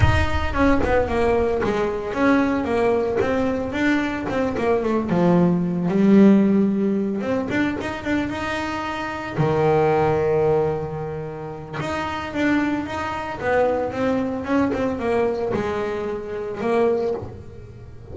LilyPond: \new Staff \with { instrumentName = "double bass" } { \time 4/4 \tempo 4 = 112 dis'4 cis'8 b8 ais4 gis4 | cis'4 ais4 c'4 d'4 | c'8 ais8 a8 f4. g4~ | g4. c'8 d'8 dis'8 d'8 dis'8~ |
dis'4. dis2~ dis8~ | dis2 dis'4 d'4 | dis'4 b4 c'4 cis'8 c'8 | ais4 gis2 ais4 | }